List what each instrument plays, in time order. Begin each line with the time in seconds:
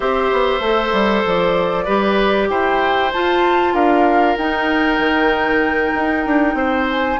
0.00 bassoon C4, clarinet G4, oboe C5, flute E5
0.32 bassoon B3
0.60 bassoon A3, clarinet A4
0.92 bassoon G3
1.25 bassoon F3, flute D5
1.85 bassoon G3, clarinet G4, oboe B4
2.49 bassoon E4, oboe C5, flute G5
3.12 clarinet F4, bassoon F4, flute A5
3.73 bassoon D4, oboe A#4, flute F5
4.37 bassoon D#4, clarinet D#4, flute G5
4.98 bassoon D#3
5.94 bassoon D#4
6.26 bassoon D4
6.54 bassoon C4, oboe C5
6.90 flute G#5